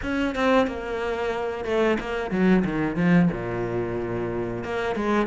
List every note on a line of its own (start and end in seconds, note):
0.02 0.34 C#4
0.34 0.67 C4
0.67 1.65 A#3
1.65 1.98 A3
2.00 2.30 A#3
2.30 2.63 F#3
2.64 2.96 D#3
2.96 3.28 F3
3.32 4.64 A#2
4.64 4.95 A#3
4.95 5.26 G#3